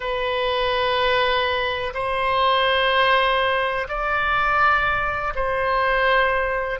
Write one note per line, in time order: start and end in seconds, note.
0.00 1.93 B4
1.94 3.87 C5
3.88 5.33 D5
5.35 6.79 C5